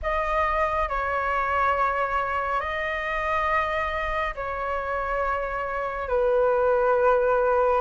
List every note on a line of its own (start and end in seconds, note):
0.02 0.89 D#5
0.89 2.60 C#5
2.60 4.34 D#5
4.35 6.08 C#5
6.08 7.81 B4